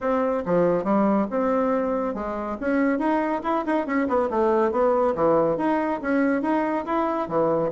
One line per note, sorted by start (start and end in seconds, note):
0.00 0.43 C4
0.45 0.84 F3
0.84 1.26 G3
1.30 2.14 C4
2.14 2.57 G#3
2.60 2.98 C#4
2.98 3.41 D#4
3.43 3.64 E4
3.65 3.86 D#4
3.86 4.07 C#4
4.08 4.29 B3
4.30 4.71 A3
4.71 5.14 B3
5.15 5.57 E3
5.57 6.00 D#4
6.01 6.42 C#4
6.42 6.85 D#4
6.85 7.28 E4
7.28 7.71 E3